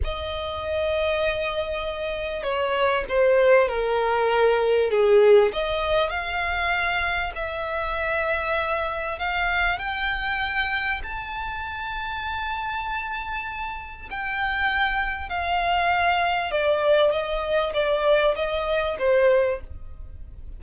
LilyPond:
\new Staff \with { instrumentName = "violin" } { \time 4/4 \tempo 4 = 98 dis''1 | cis''4 c''4 ais'2 | gis'4 dis''4 f''2 | e''2. f''4 |
g''2 a''2~ | a''2. g''4~ | g''4 f''2 d''4 | dis''4 d''4 dis''4 c''4 | }